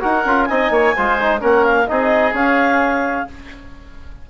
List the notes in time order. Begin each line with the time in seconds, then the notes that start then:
0.00 D#4 F#4 A#4 F#5
0.25 C#4 F4
0.44 C4 D#4 D#5 G#5
0.70 A#3 C#5
0.96 G#3 F4 C5
1.20 D#4
1.40 A#3 C#4 A#4 F#5
1.65 F5
1.87 C4 D#4 G#4 D#5
2.33 C#4 F5